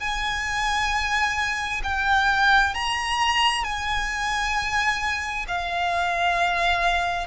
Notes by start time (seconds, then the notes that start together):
0.00 G#5
1.83 G5
2.74 A#5
3.64 G#5
5.48 F5